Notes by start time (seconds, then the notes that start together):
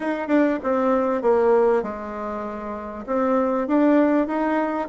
0.00 D#4
0.27 D4
0.63 C4
1.22 A#3
1.83 G#3
3.06 C4
3.67 D4
4.27 D#4